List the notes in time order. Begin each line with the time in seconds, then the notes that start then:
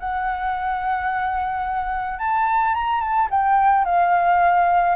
0.00 F#5
2.19 A5
2.75 A#5
3.01 A5
3.31 G5
3.85 F5